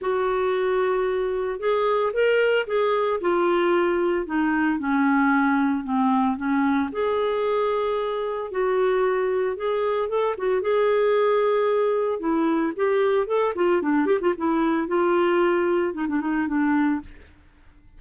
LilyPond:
\new Staff \with { instrumentName = "clarinet" } { \time 4/4 \tempo 4 = 113 fis'2. gis'4 | ais'4 gis'4 f'2 | dis'4 cis'2 c'4 | cis'4 gis'2. |
fis'2 gis'4 a'8 fis'8 | gis'2. e'4 | g'4 a'8 f'8 d'8 g'16 f'16 e'4 | f'2 dis'16 d'16 dis'8 d'4 | }